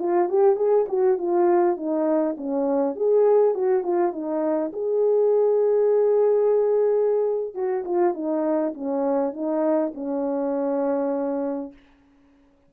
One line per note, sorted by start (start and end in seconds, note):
0.00 0.29 F4
0.29 0.57 G4
0.57 0.86 G#4
0.89 1.18 F#4
1.18 1.77 F4
1.77 2.37 D#4
2.38 2.96 C#4
2.96 3.55 G#4
3.55 3.83 F#4
3.83 4.13 F4
4.13 4.72 D#4
4.73 7.55 G#4
7.55 7.84 F#4
7.85 8.15 F4
8.15 8.74 D#4
8.75 9.33 C#4
9.33 9.93 D#4
9.95 11.73 C#4